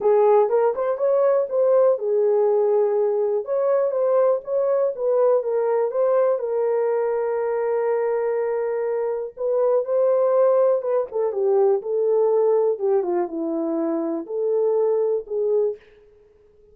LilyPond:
\new Staff \with { instrumentName = "horn" } { \time 4/4 \tempo 4 = 122 gis'4 ais'8 c''8 cis''4 c''4 | gis'2. cis''4 | c''4 cis''4 b'4 ais'4 | c''4 ais'2.~ |
ais'2. b'4 | c''2 b'8 a'8 g'4 | a'2 g'8 f'8 e'4~ | e'4 a'2 gis'4 | }